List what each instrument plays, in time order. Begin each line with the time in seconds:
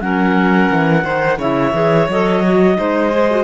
0.00 cello F#3, clarinet C#4 F#5, violin A#4
0.70 cello E3
1.03 cello D#3, clarinet D#4, violin C5
1.38 cello C#3, clarinet E4 E5, violin C#5
1.73 cello E3, clarinet G#4
2.08 cello F#3, clarinet A4 D#5
2.44 clarinet F#4
2.75 cello G#3, clarinet D#4, violin C5
3.11 clarinet G#4
3.30 clarinet F#4